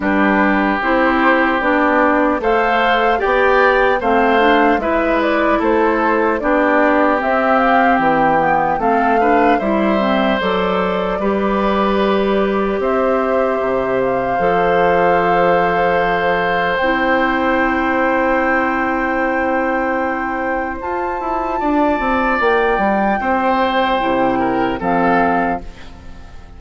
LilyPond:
<<
  \new Staff \with { instrumentName = "flute" } { \time 4/4 \tempo 4 = 75 b'4 c''4 d''4 f''4 | g''4 f''4 e''8 d''8 c''4 | d''4 e''8 f''8 g''4 f''4 | e''4 d''2. |
e''4. f''2~ f''8~ | f''4 g''2.~ | g''2 a''2 | g''2. f''4 | }
  \new Staff \with { instrumentName = "oboe" } { \time 4/4 g'2. c''4 | d''4 c''4 b'4 a'4 | g'2. a'8 b'8 | c''2 b'2 |
c''1~ | c''1~ | c''2. d''4~ | d''4 c''4. ais'8 a'4 | }
  \new Staff \with { instrumentName = "clarinet" } { \time 4/4 d'4 e'4 d'4 a'4 | g'4 c'8 d'8 e'2 | d'4 c'4. b8 c'8 d'8 | e'8 c'8 a'4 g'2~ |
g'2 a'2~ | a'4 e'2.~ | e'2 f'2~ | f'2 e'4 c'4 | }
  \new Staff \with { instrumentName = "bassoon" } { \time 4/4 g4 c'4 b4 a4 | b4 a4 gis4 a4 | b4 c'4 e4 a4 | g4 fis4 g2 |
c'4 c4 f2~ | f4 c'2.~ | c'2 f'8 e'8 d'8 c'8 | ais8 g8 c'4 c4 f4 | }
>>